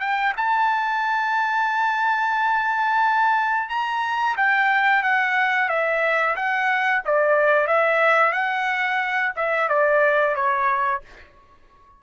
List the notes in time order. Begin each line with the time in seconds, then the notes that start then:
0.00 G5
0.37 A5
3.69 A#5
4.37 G5
5.03 F#5
5.69 E5
6.36 F#5
7.05 D5
7.67 E5
8.33 F#5
9.36 E5
9.69 D5
10.35 C#5